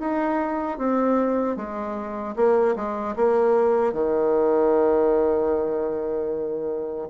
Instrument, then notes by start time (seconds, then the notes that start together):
bassoon
0.00 D#4
0.78 C4
1.57 G#3
2.36 A#3
2.76 G#3
3.17 A#3
3.93 D#3